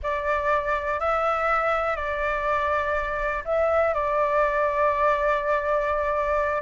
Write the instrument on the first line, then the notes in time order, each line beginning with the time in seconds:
flute
0.02 D5
0.99 E5
1.95 D5
3.44 E5
3.94 D5